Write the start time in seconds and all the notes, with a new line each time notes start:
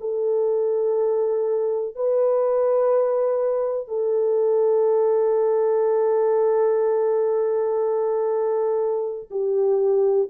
0.00 A4
1.95 B4
3.88 A4
9.30 G4